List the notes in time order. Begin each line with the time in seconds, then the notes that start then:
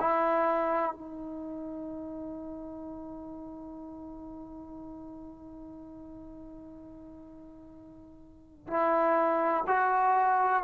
0.00 E4
0.93 D#4
8.67 E4
9.67 F#4